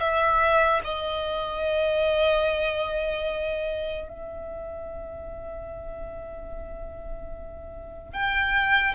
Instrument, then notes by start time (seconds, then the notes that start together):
violin
0.00 E5
0.84 D#5
4.09 E5
8.13 G5